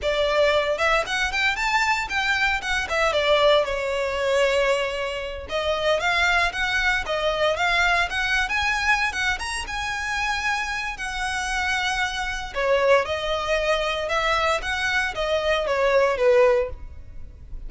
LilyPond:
\new Staff \with { instrumentName = "violin" } { \time 4/4 \tempo 4 = 115 d''4. e''8 fis''8 g''8 a''4 | g''4 fis''8 e''8 d''4 cis''4~ | cis''2~ cis''8 dis''4 f''8~ | f''8 fis''4 dis''4 f''4 fis''8~ |
fis''16 gis''4~ gis''16 fis''8 ais''8 gis''4.~ | gis''4 fis''2. | cis''4 dis''2 e''4 | fis''4 dis''4 cis''4 b'4 | }